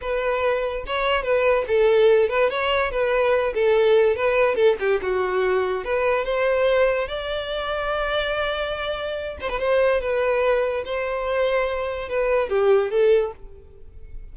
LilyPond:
\new Staff \with { instrumentName = "violin" } { \time 4/4 \tempo 4 = 144 b'2 cis''4 b'4 | a'4. b'8 cis''4 b'4~ | b'8 a'4. b'4 a'8 g'8 | fis'2 b'4 c''4~ |
c''4 d''2.~ | d''2~ d''8 c''16 b'16 c''4 | b'2 c''2~ | c''4 b'4 g'4 a'4 | }